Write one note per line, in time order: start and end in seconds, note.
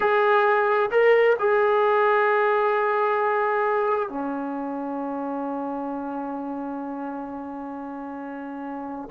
0.00 0.89 G#4
0.91 1.36 A#4
1.39 4.09 G#4
4.09 9.09 C#4